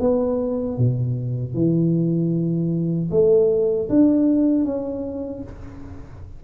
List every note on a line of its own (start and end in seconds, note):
0.00 0.78 B3
0.78 1.54 B2
1.54 3.10 E3
3.11 3.89 A3
3.89 4.65 D4
4.65 5.43 C#4